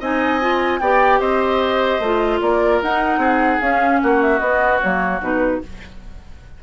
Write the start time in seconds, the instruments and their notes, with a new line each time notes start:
0.00 bassoon C4, clarinet D#4, oboe D#5, flute G#5
0.41 clarinet F4
0.80 bassoon B3, clarinet G4, oboe D5, flute G5
1.20 bassoon C4, oboe C5, flute D#5
2.00 bassoon A3, clarinet F4
2.41 bassoon A#3, oboe A#4, flute D5
2.82 bassoon D#4, clarinet D#4, flute F#5
3.18 bassoon C4, oboe G#4
3.61 clarinet C#4, bassoon C#4, flute F5
4.02 bassoon A#3, oboe F#4, flute F#5
4.22 flute E5
4.40 bassoon B3, clarinet B3, flute D#5
4.81 bassoon F#3, clarinet A#3, flute C#5
5.21 bassoon B2, clarinet D#4, flute B4